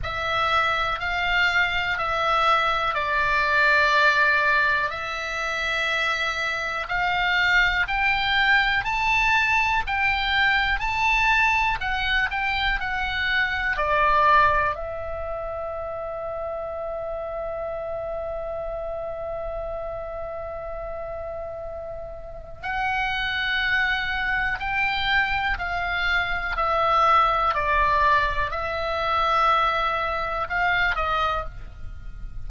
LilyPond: \new Staff \with { instrumentName = "oboe" } { \time 4/4 \tempo 4 = 61 e''4 f''4 e''4 d''4~ | d''4 e''2 f''4 | g''4 a''4 g''4 a''4 | fis''8 g''8 fis''4 d''4 e''4~ |
e''1~ | e''2. fis''4~ | fis''4 g''4 f''4 e''4 | d''4 e''2 f''8 dis''8 | }